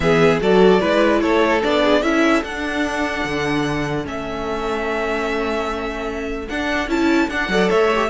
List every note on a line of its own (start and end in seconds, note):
0.00 0.40 E3
0.00 0.40 B3
0.00 0.40 G#4
0.00 0.39 E5
0.40 0.81 F#3
0.40 0.80 F#4
0.40 0.80 A4
0.40 1.21 D5
0.80 1.22 G#3
0.80 1.61 E4
0.80 1.20 B4
1.21 1.63 A3
1.21 1.82 A4
1.21 1.61 C#5
1.62 2.02 B3
1.62 2.02 D4
1.62 2.02 D5
1.83 2.02 G#4
2.02 2.43 C#4
2.02 2.43 E4
2.02 7.49 A4
2.02 2.43 E5
2.43 4.04 D4
2.43 3.24 D4
2.43 4.06 F#5
3.24 4.05 D3
4.04 6.48 A3
4.04 6.47 C#4
4.04 6.48 E5
6.48 6.88 D4
6.48 6.87 D4
6.48 6.89 F#5
6.87 7.28 C#4
6.87 7.28 E4
6.87 7.29 A5
7.28 7.48 D4
7.28 7.50 D4
7.28 7.70 F#5
7.48 7.68 F#3
7.48 7.91 A4
7.48 7.69 D5
7.69 8.09 A3
7.69 8.09 C#5
7.69 8.09 E5
7.94 8.09 G4